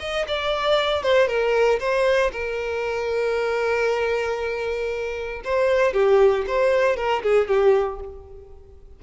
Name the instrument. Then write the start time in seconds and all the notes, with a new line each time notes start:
violin
0.00 D#5
0.28 D5
1.03 C5
1.28 A#4
1.80 C5
2.32 A#4
5.45 C5
5.94 G4
6.47 C5
6.97 A#4
7.23 G#4
7.48 G4